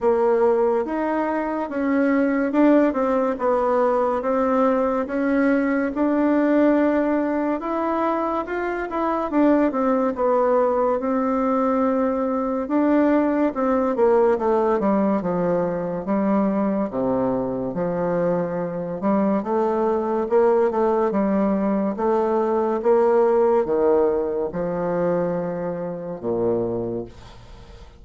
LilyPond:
\new Staff \with { instrumentName = "bassoon" } { \time 4/4 \tempo 4 = 71 ais4 dis'4 cis'4 d'8 c'8 | b4 c'4 cis'4 d'4~ | d'4 e'4 f'8 e'8 d'8 c'8 | b4 c'2 d'4 |
c'8 ais8 a8 g8 f4 g4 | c4 f4. g8 a4 | ais8 a8 g4 a4 ais4 | dis4 f2 ais,4 | }